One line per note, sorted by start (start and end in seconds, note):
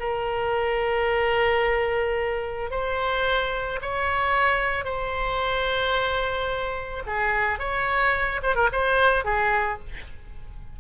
0.00 2.71 A#4
2.71 3.80 C5
3.82 4.85 C#5
4.85 7.03 C5
7.06 7.59 G#4
7.59 8.41 C#5
8.43 8.55 C5
8.55 8.69 A#4
8.72 9.25 C5
9.25 9.79 G#4